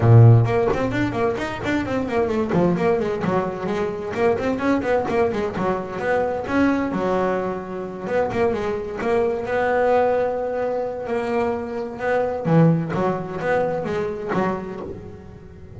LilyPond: \new Staff \with { instrumentName = "double bass" } { \time 4/4 \tempo 4 = 130 ais,4 ais8 c'8 d'8 ais8 dis'8 d'8 | c'8 ais8 a8 f8 ais8 gis8 fis4 | gis4 ais8 c'8 cis'8 b8 ais8 gis8 | fis4 b4 cis'4 fis4~ |
fis4. b8 ais8 gis4 ais8~ | ais8 b2.~ b8 | ais2 b4 e4 | fis4 b4 gis4 fis4 | }